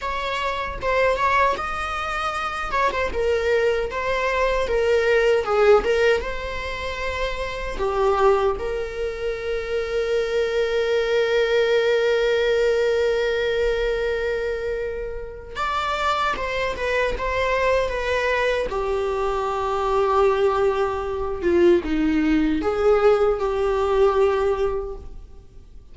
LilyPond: \new Staff \with { instrumentName = "viola" } { \time 4/4 \tempo 4 = 77 cis''4 c''8 cis''8 dis''4. cis''16 c''16 | ais'4 c''4 ais'4 gis'8 ais'8 | c''2 g'4 ais'4~ | ais'1~ |
ais'1 | d''4 c''8 b'8 c''4 b'4 | g'2.~ g'8 f'8 | dis'4 gis'4 g'2 | }